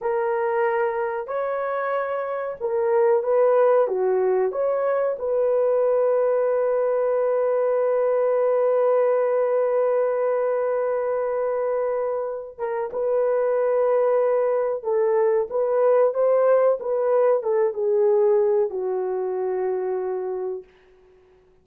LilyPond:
\new Staff \with { instrumentName = "horn" } { \time 4/4 \tempo 4 = 93 ais'2 cis''2 | ais'4 b'4 fis'4 cis''4 | b'1~ | b'1~ |
b'2.~ b'8 ais'8 | b'2. a'4 | b'4 c''4 b'4 a'8 gis'8~ | gis'4 fis'2. | }